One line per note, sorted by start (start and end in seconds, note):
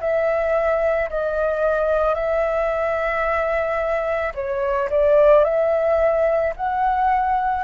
0.00 1.09 E5
1.10 2.14 D#5
2.14 4.32 E5
4.34 4.89 C#5
4.90 5.44 D5
5.44 6.53 E5
6.56 7.63 F#5